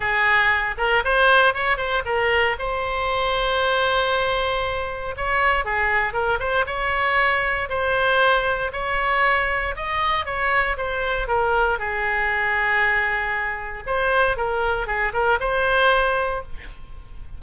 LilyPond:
\new Staff \with { instrumentName = "oboe" } { \time 4/4 \tempo 4 = 117 gis'4. ais'8 c''4 cis''8 c''8 | ais'4 c''2.~ | c''2 cis''4 gis'4 | ais'8 c''8 cis''2 c''4~ |
c''4 cis''2 dis''4 | cis''4 c''4 ais'4 gis'4~ | gis'2. c''4 | ais'4 gis'8 ais'8 c''2 | }